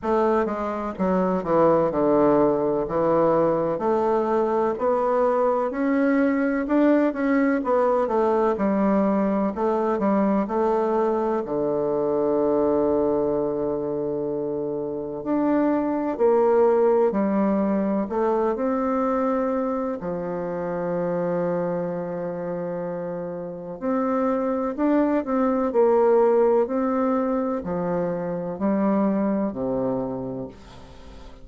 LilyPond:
\new Staff \with { instrumentName = "bassoon" } { \time 4/4 \tempo 4 = 63 a8 gis8 fis8 e8 d4 e4 | a4 b4 cis'4 d'8 cis'8 | b8 a8 g4 a8 g8 a4 | d1 |
d'4 ais4 g4 a8 c'8~ | c'4 f2.~ | f4 c'4 d'8 c'8 ais4 | c'4 f4 g4 c4 | }